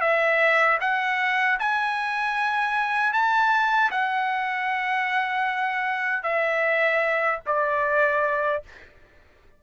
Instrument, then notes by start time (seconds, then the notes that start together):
trumpet
0.00 E5
0.80 F#5
1.59 G#5
3.12 A5
3.91 F#5
6.23 E5
7.46 D5